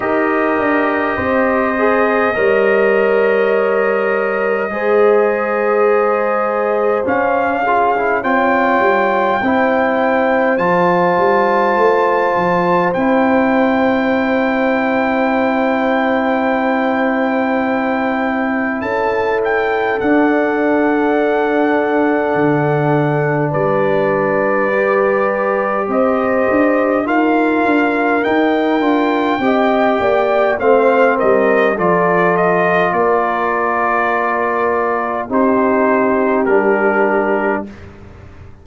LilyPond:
<<
  \new Staff \with { instrumentName = "trumpet" } { \time 4/4 \tempo 4 = 51 dis''1~ | dis''2 f''4 g''4~ | g''4 a''2 g''4~ | g''1 |
a''8 g''8 fis''2. | d''2 dis''4 f''4 | g''2 f''8 dis''8 d''8 dis''8 | d''2 c''4 ais'4 | }
  \new Staff \with { instrumentName = "horn" } { \time 4/4 ais'4 c''4 cis''2 | c''2~ c''8 gis'8 cis''4 | c''1~ | c''1 |
a'1 | b'2 c''4 ais'4~ | ais'4 dis''8 d''8 c''8 ais'8 a'4 | ais'2 g'2 | }
  \new Staff \with { instrumentName = "trombone" } { \time 4/4 g'4. gis'8 ais'2 | gis'2 cis'8 f'16 e'16 f'4 | e'4 f'2 e'4~ | e'1~ |
e'4 d'2.~ | d'4 g'2 f'4 | dis'8 f'8 g'4 c'4 f'4~ | f'2 dis'4 d'4 | }
  \new Staff \with { instrumentName = "tuba" } { \time 4/4 dis'8 d'8 c'4 g2 | gis2 cis'4 c'8 g8 | c'4 f8 g8 a8 f8 c'4~ | c'1 |
cis'4 d'2 d4 | g2 c'8 d'8 dis'8 d'8 | dis'8 d'8 c'8 ais8 a8 g8 f4 | ais2 c'4 g4 | }
>>